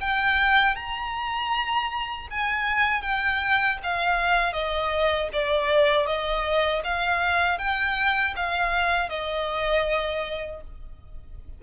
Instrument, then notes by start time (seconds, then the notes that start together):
violin
0.00 G5
0.76 A#5
2.30 G#5
3.02 G5
3.83 F5
4.53 D#5
5.33 D5
6.06 D#5
6.84 F5
7.58 G5
8.36 F5
9.09 D#5